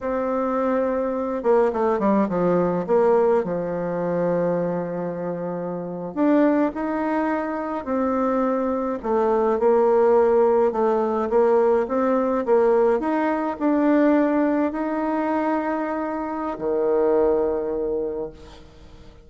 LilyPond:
\new Staff \with { instrumentName = "bassoon" } { \time 4/4 \tempo 4 = 105 c'2~ c'8 ais8 a8 g8 | f4 ais4 f2~ | f2~ f8. d'4 dis'16~ | dis'4.~ dis'16 c'2 a16~ |
a8. ais2 a4 ais16~ | ais8. c'4 ais4 dis'4 d'16~ | d'4.~ d'16 dis'2~ dis'16~ | dis'4 dis2. | }